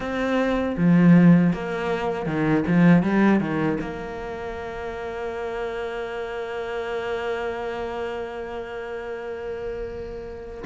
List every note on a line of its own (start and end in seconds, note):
0.00 0.76 C4
0.77 1.53 F3
1.53 2.26 A#3
2.26 2.64 D#3
2.67 3.02 F3
3.02 3.40 G3
3.40 3.78 D#3
3.80 10.64 A#3